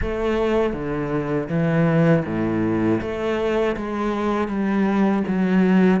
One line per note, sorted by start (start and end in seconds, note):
0.01 0.73 A3
0.73 1.48 D3
1.49 2.24 E3
2.25 3.00 A2
3.01 3.76 A3
3.76 4.48 G#3
4.48 5.23 G3
5.27 6.00 F#3